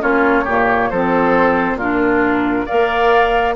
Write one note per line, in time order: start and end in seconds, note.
0.00 0.46 A#3
0.00 0.44 C#4
0.00 0.44 F4
0.00 0.89 C#5
0.44 0.91 A#2
0.44 0.93 A#3
0.44 0.88 G4
0.89 1.74 F3
0.89 1.80 C4
0.89 1.78 A4
0.89 1.78 C5
1.74 2.63 A#2
1.74 2.67 D4
1.74 2.65 F4
1.74 2.66 A#4
2.65 3.55 A#3
2.65 3.55 A#4
2.65 3.54 D5
2.65 3.54 F5